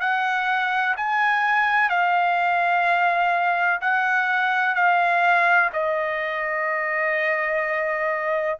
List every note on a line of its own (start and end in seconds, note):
0.00 0.95 F#5
0.96 1.89 G#5
1.89 3.80 F5
3.81 4.74 F#5
4.74 5.70 F5
5.72 8.58 D#5